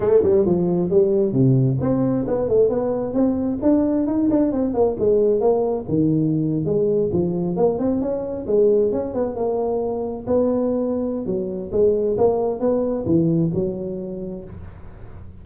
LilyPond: \new Staff \with { instrumentName = "tuba" } { \time 4/4 \tempo 4 = 133 a8 g8 f4 g4 c4 | c'4 b8 a8 b4 c'4 | d'4 dis'8 d'8 c'8 ais8 gis4 | ais4 dis4.~ dis16 gis4 f16~ |
f8. ais8 c'8 cis'4 gis4 cis'16~ | cis'16 b8 ais2 b4~ b16~ | b4 fis4 gis4 ais4 | b4 e4 fis2 | }